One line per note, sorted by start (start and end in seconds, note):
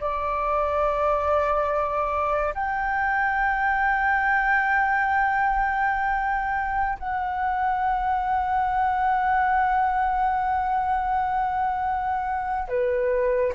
0.00 2.54 D5
2.54 6.98 G5
6.98 12.68 F#5
12.68 13.52 B4